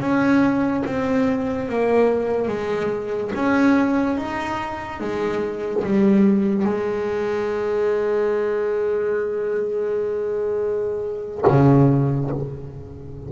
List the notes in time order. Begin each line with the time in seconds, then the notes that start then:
0.00 C#4
0.86 C4
1.69 A#3
2.48 G#3
3.35 C#4
4.17 D#4
5.00 G#3
5.84 G3
6.65 G#3
11.47 C#3